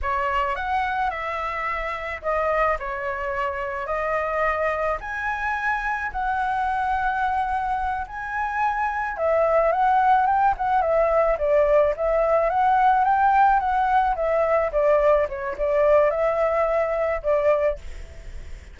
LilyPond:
\new Staff \with { instrumentName = "flute" } { \time 4/4 \tempo 4 = 108 cis''4 fis''4 e''2 | dis''4 cis''2 dis''4~ | dis''4 gis''2 fis''4~ | fis''2~ fis''8 gis''4.~ |
gis''8 e''4 fis''4 g''8 fis''8 e''8~ | e''8 d''4 e''4 fis''4 g''8~ | g''8 fis''4 e''4 d''4 cis''8 | d''4 e''2 d''4 | }